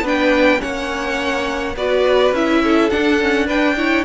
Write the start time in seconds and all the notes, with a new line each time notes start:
0.00 B3 D4 B4
0.07 G5
0.58 A#3 C#4 C#5 F#5
1.75 B3 F#4 B4 D5
2.31 C#4 E4 E5
2.63 A4
2.89 D4 F#5
3.20 C#4
3.46 D4 B4 G5
3.76 E4 C#5